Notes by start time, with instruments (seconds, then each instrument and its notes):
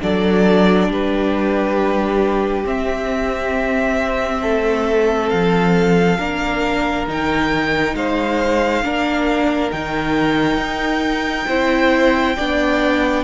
0.00 cello F#3, viola D4, violin A4 D5
0.89 cello G3, violin G4 B4
2.64 viola C4, cello C4, violin E5
4.42 cello A3, violin A4
5.29 cello F3, violin F5
6.19 cello A#3, viola D4, violin A#4
7.07 cello D#3, viola D#4, violin G5
7.94 cello G#3, violin C5 F5
8.83 cello A#3, viola D4, violin A#4
9.71 cello D#3, viola D#4, violin G5
10.58 cello D#4
11.48 cello C4, viola E4, violin C5
12.37 cello B3, viola D4, violin D5